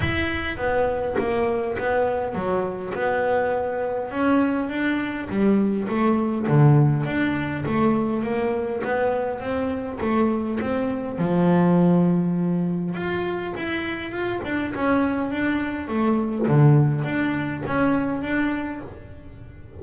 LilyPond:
\new Staff \with { instrumentName = "double bass" } { \time 4/4 \tempo 4 = 102 e'4 b4 ais4 b4 | fis4 b2 cis'4 | d'4 g4 a4 d4 | d'4 a4 ais4 b4 |
c'4 a4 c'4 f4~ | f2 f'4 e'4 | f'8 d'8 cis'4 d'4 a4 | d4 d'4 cis'4 d'4 | }